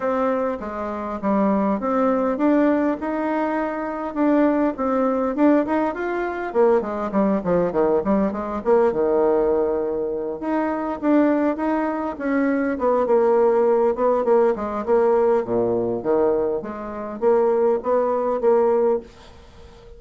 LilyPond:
\new Staff \with { instrumentName = "bassoon" } { \time 4/4 \tempo 4 = 101 c'4 gis4 g4 c'4 | d'4 dis'2 d'4 | c'4 d'8 dis'8 f'4 ais8 gis8 | g8 f8 dis8 g8 gis8 ais8 dis4~ |
dis4. dis'4 d'4 dis'8~ | dis'8 cis'4 b8 ais4. b8 | ais8 gis8 ais4 ais,4 dis4 | gis4 ais4 b4 ais4 | }